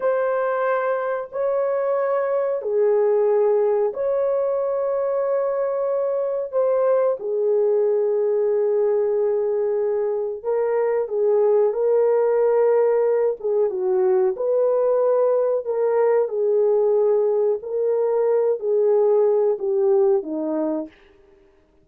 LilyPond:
\new Staff \with { instrumentName = "horn" } { \time 4/4 \tempo 4 = 92 c''2 cis''2 | gis'2 cis''2~ | cis''2 c''4 gis'4~ | gis'1 |
ais'4 gis'4 ais'2~ | ais'8 gis'8 fis'4 b'2 | ais'4 gis'2 ais'4~ | ais'8 gis'4. g'4 dis'4 | }